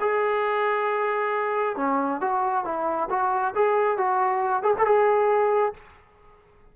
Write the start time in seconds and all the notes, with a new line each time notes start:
0.00 G#4
1.76 C#4
2.20 F#4
2.64 E4
3.09 F#4
3.54 G#4
3.97 F#4
4.62 G#4
4.78 A4
4.85 G#4